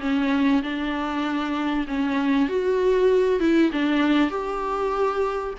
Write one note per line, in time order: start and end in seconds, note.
0.00 0.62 C#4
0.62 1.86 D4
1.87 2.49 C#4
2.49 3.40 F#4
3.40 3.71 E4
3.72 4.30 D4
4.30 5.53 G4